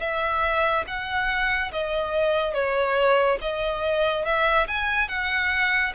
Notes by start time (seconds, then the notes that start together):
0.00 E5
0.87 F#5
1.72 D#5
2.54 C#5
3.41 D#5
4.25 E5
4.68 G#5
5.09 F#5